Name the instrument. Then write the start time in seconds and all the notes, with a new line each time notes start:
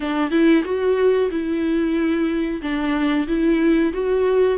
viola
0.00 D4
0.30 E4
0.64 F#4
1.30 E4
2.62 D4
3.27 E4
3.93 F#4